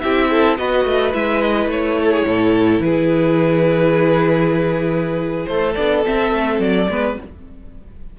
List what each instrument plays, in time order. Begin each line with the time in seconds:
0.00 cello C4, viola E4, violin G4 E5
0.30 violin A4
0.57 cello B3, viola F#4, violin B4 D#5
0.86 cello A3
1.13 cello G#3, viola E4, violin E5
1.42 violin D#5
1.66 cello A3, violin C#5
1.99 violin A4
2.12 violin G#4
2.26 cello A2, violin A4
2.80 cello E3, violin G#4 B4
5.46 cello A3, violin A4 C5
5.74 cello B3, viola D4, violin D5
6.04 viola C4, cello C4, violin E5
6.32 cello A3
6.60 cello F#3, violin D5
6.90 cello G#3, viola B3, violin B4